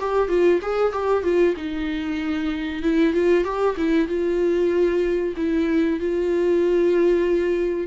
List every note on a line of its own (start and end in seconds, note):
0.00 0.28 G4
0.28 0.60 F4
0.61 0.92 G#4
0.92 1.23 G4
1.23 1.55 F4
1.56 2.82 D#4
2.82 3.13 E4
3.13 3.44 F4
3.44 3.76 G4
3.77 4.08 E4
4.08 5.34 F4
5.36 5.99 E4
6.00 7.87 F4